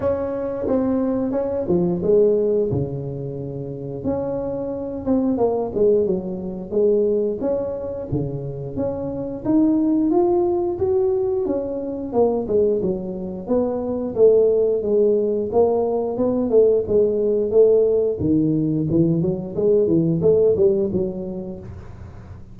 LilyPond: \new Staff \with { instrumentName = "tuba" } { \time 4/4 \tempo 4 = 89 cis'4 c'4 cis'8 f8 gis4 | cis2 cis'4. c'8 | ais8 gis8 fis4 gis4 cis'4 | cis4 cis'4 dis'4 f'4 |
fis'4 cis'4 ais8 gis8 fis4 | b4 a4 gis4 ais4 | b8 a8 gis4 a4 dis4 | e8 fis8 gis8 e8 a8 g8 fis4 | }